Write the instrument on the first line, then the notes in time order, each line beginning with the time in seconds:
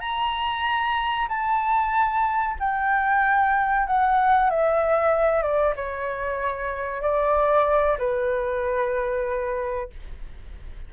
flute
0.00 A#5
1.29 A5
2.60 G5
3.87 F#5
4.50 E5
5.43 D5
5.76 C#5
7.02 D5
7.98 B4